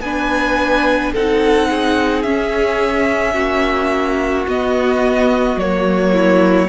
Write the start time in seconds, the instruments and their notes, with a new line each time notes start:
0.00 cello B3, viola D4, violin G#5
0.06 violin B4
1.13 cello C4, viola D#4, violin A4 F#5
1.69 violin G#4
2.22 cello C#4, viola C#4, violin E5
3.34 cello A#3, violin F#4
4.47 cello B3, viola B3, violin D#5
5.56 cello F#3, viola A#3, violin C#5
6.12 violin E4